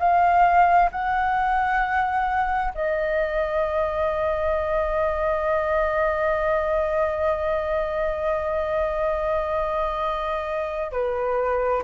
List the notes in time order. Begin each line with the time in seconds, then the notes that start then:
0.00 F5
0.92 F#5
2.75 D#5
10.92 B4